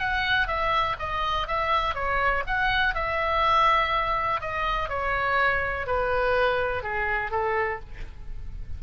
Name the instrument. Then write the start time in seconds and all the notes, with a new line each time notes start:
oboe
0.00 F#5
0.48 E5
0.99 D#5
1.48 E5
1.95 C#5
2.47 F#5
2.95 E5
4.41 D#5
4.89 C#5
5.87 B4
6.83 G#4
7.31 A4